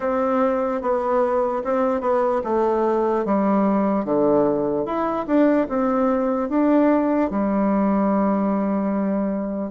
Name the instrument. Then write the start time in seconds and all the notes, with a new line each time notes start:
bassoon
0.00 C4
0.81 B3
1.64 C4
2.00 B3
2.44 A3
3.25 G3
4.05 D3
4.85 E4
5.26 D4
5.68 C4
6.49 D4
7.30 G3